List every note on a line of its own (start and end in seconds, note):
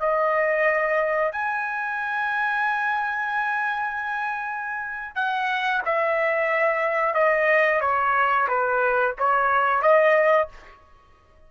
0.00 1.32 D#5
1.32 5.15 G#5
5.15 5.82 F#5
5.85 7.15 E5
7.15 7.81 D#5
7.81 8.48 C#5
8.48 9.15 B4
9.18 9.82 C#5
9.82 10.48 D#5